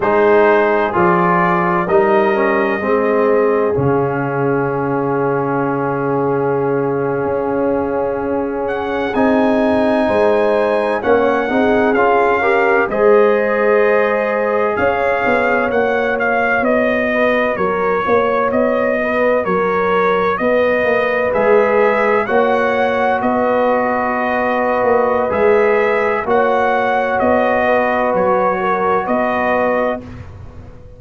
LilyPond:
<<
  \new Staff \with { instrumentName = "trumpet" } { \time 4/4 \tempo 4 = 64 c''4 d''4 dis''2 | f''1~ | f''4~ f''16 fis''8 gis''2 fis''16~ | fis''8. f''4 dis''2 f''16~ |
f''8. fis''8 f''8 dis''4 cis''4 dis''16~ | dis''8. cis''4 dis''4 e''4 fis''16~ | fis''8. dis''2~ dis''16 e''4 | fis''4 dis''4 cis''4 dis''4 | }
  \new Staff \with { instrumentName = "horn" } { \time 4/4 gis'2 ais'4 gis'4~ | gis'1~ | gis'2~ gis'8. c''4 cis''16~ | cis''16 gis'4 ais'8 c''2 cis''16~ |
cis''2~ cis''16 b'8 ais'8 cis''8.~ | cis''16 b'8 ais'4 b'2 cis''16~ | cis''8. b'2.~ b'16 | cis''4. b'4 ais'8 b'4 | }
  \new Staff \with { instrumentName = "trombone" } { \time 4/4 dis'4 f'4 dis'8 cis'8 c'4 | cis'1~ | cis'4.~ cis'16 dis'2 cis'16~ | cis'16 dis'8 f'8 g'8 gis'2~ gis'16~ |
gis'8. fis'2.~ fis'16~ | fis'2~ fis'8. gis'4 fis'16~ | fis'2. gis'4 | fis'1 | }
  \new Staff \with { instrumentName = "tuba" } { \time 4/4 gis4 f4 g4 gis4 | cis2.~ cis8. cis'16~ | cis'4.~ cis'16 c'4 gis4 ais16~ | ais16 c'8 cis'4 gis2 cis'16~ |
cis'16 b8 ais4 b4 fis8 ais8 b16~ | b8. fis4 b8 ais8 gis4 ais16~ | ais8. b4.~ b16 ais8 gis4 | ais4 b4 fis4 b4 | }
>>